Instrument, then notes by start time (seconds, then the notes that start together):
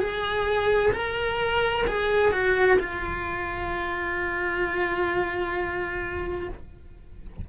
cello
0.00 G#4
0.93 A#4
1.87 G#4
2.32 F#4
2.79 F4